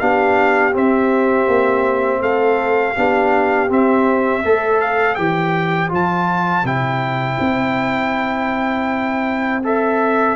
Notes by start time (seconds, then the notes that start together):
0.00 B3 D4 G4 F5
0.73 C4 E5
1.48 A#3
2.22 A3 A4 F5
2.95 B3 D4 G4
3.69 C4 E5
4.44 A3 A4 C5
4.81 F5
5.16 E3 G4 G5
5.89 F3 F4 A5
6.64 C3 E4 G5
7.40 C4
9.64 A4 E5